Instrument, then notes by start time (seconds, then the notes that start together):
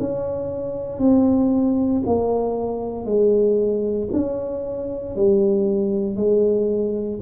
tuba
0.00 C#4
0.99 C4
2.06 A#3
3.05 G#3
4.12 C#4
5.16 G3
6.16 G#3